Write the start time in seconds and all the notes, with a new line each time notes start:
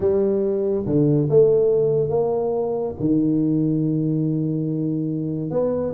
0.00 G3
0.86 D3
1.29 A3
2.09 A#3
2.99 D#3
5.50 B3